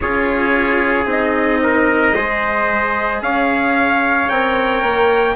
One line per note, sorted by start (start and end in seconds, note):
0.00 1.05 C#4
0.00 1.05 F4
0.00 1.62 G#4
0.00 1.08 C#5
1.05 2.12 C4
1.05 2.12 D#4
1.05 3.22 D#5
1.63 2.15 A#4
2.15 3.21 G#3
2.15 4.30 G#4
2.15 3.22 C5
3.21 4.28 C#4
3.21 5.35 C#5
3.21 4.29 F5
4.29 4.82 C4
4.29 5.35 A#4
4.29 5.35 G5
4.82 5.35 A#3